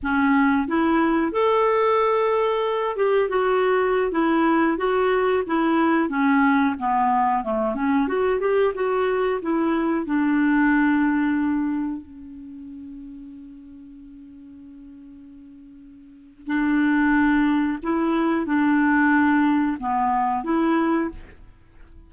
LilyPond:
\new Staff \with { instrumentName = "clarinet" } { \time 4/4 \tempo 4 = 91 cis'4 e'4 a'2~ | a'8 g'8 fis'4~ fis'16 e'4 fis'8.~ | fis'16 e'4 cis'4 b4 a8 cis'16~ | cis'16 fis'8 g'8 fis'4 e'4 d'8.~ |
d'2~ d'16 cis'4.~ cis'16~ | cis'1~ | cis'4 d'2 e'4 | d'2 b4 e'4 | }